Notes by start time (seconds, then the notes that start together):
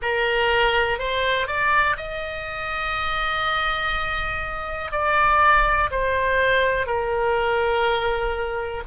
0.01 A#4
0.98 C5
1.47 D5
1.96 D#5
4.91 D5
5.91 C5
6.86 A#4